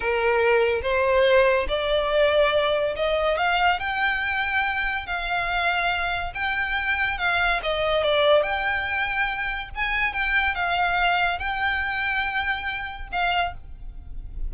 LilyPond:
\new Staff \with { instrumentName = "violin" } { \time 4/4 \tempo 4 = 142 ais'2 c''2 | d''2. dis''4 | f''4 g''2. | f''2. g''4~ |
g''4 f''4 dis''4 d''4 | g''2. gis''4 | g''4 f''2 g''4~ | g''2. f''4 | }